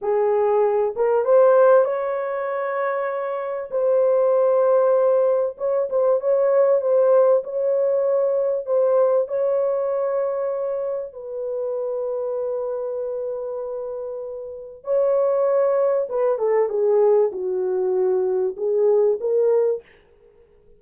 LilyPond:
\new Staff \with { instrumentName = "horn" } { \time 4/4 \tempo 4 = 97 gis'4. ais'8 c''4 cis''4~ | cis''2 c''2~ | c''4 cis''8 c''8 cis''4 c''4 | cis''2 c''4 cis''4~ |
cis''2 b'2~ | b'1 | cis''2 b'8 a'8 gis'4 | fis'2 gis'4 ais'4 | }